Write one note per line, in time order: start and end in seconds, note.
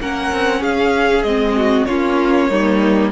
0.00 0.31 A#3
0.00 1.26 C#4
0.00 0.61 A#4
0.00 0.63 F#5
0.32 0.63 C4
0.61 1.24 C#4
0.61 1.54 G#4
0.61 1.23 F5
1.23 1.86 G#3
1.23 1.89 C4
1.23 1.85 D#5
1.57 1.88 F#4
1.85 2.50 A#3
1.85 2.51 C#4
1.85 2.50 F4
1.85 3.10 C#5
2.50 3.12 G3
2.50 3.12 A#3
2.50 3.12 D#4